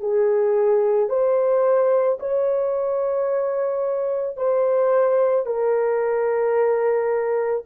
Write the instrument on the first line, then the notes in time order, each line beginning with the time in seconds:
horn
0.00 G#4
1.09 C5
2.19 C#5
4.37 C5
5.46 A#4